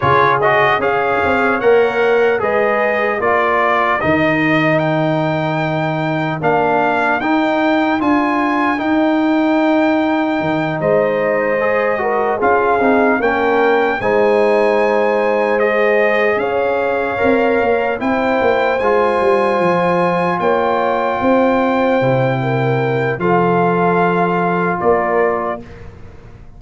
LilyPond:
<<
  \new Staff \with { instrumentName = "trumpet" } { \time 4/4 \tempo 4 = 75 cis''8 dis''8 f''4 fis''4 dis''4 | d''4 dis''4 g''2 | f''4 g''4 gis''4 g''4~ | g''4. dis''2 f''8~ |
f''8 g''4 gis''2 dis''8~ | dis''8 f''2 g''4 gis''8~ | gis''4. g''2~ g''8~ | g''4 f''2 d''4 | }
  \new Staff \with { instrumentName = "horn" } { \time 4/4 gis'4 cis''2 b'4 | ais'1~ | ais'1~ | ais'4. c''4. ais'8 gis'8~ |
gis'8 ais'4 c''2~ c''8~ | c''8 cis''2 c''4.~ | c''4. cis''4 c''4. | ais'4 a'2 ais'4 | }
  \new Staff \with { instrumentName = "trombone" } { \time 4/4 f'8 fis'8 gis'4 ais'4 gis'4 | f'4 dis'2. | d'4 dis'4 f'4 dis'4~ | dis'2~ dis'8 gis'8 fis'8 f'8 |
dis'8 cis'4 dis'2 gis'8~ | gis'4. ais'4 e'4 f'8~ | f'2.~ f'8 e'8~ | e'4 f'2. | }
  \new Staff \with { instrumentName = "tuba" } { \time 4/4 cis4 cis'8 c'8 ais4 gis4 | ais4 dis2. | ais4 dis'4 d'4 dis'4~ | dis'4 dis8 gis2 cis'8 |
c'8 ais4 gis2~ gis8~ | gis8 cis'4 c'8 ais8 c'8 ais8 gis8 | g8 f4 ais4 c'4 c8~ | c4 f2 ais4 | }
>>